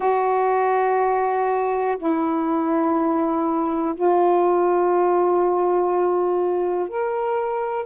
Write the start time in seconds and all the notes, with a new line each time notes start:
0.00 F#4
1.98 E4
3.95 F4
6.89 A#4